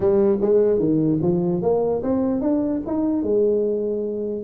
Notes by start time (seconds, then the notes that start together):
0.00 G3
0.41 G#3
0.79 D#3
1.22 F3
1.62 A#3
2.02 C4
2.41 D4
2.86 D#4
3.22 G#3